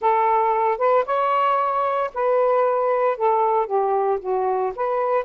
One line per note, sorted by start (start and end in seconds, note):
0.01 0.78 A4
0.78 1.04 B4
1.05 2.11 C#5
2.14 3.17 B4
3.17 3.66 A4
3.66 4.19 G4
4.20 4.72 F#4
4.75 5.24 B4